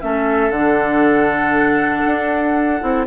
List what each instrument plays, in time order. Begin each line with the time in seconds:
0.00 bassoon A3, clarinet C#4, oboe A4, flute E5
0.49 bassoon D3, clarinet D4, flute F#5
2.05 bassoon D4
2.80 bassoon C4, clarinet E4